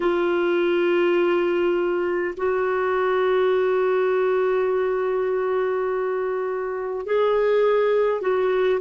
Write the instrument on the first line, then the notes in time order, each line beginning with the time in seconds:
clarinet
0.00 F4
2.36 F#4
7.06 G#4
8.21 F#4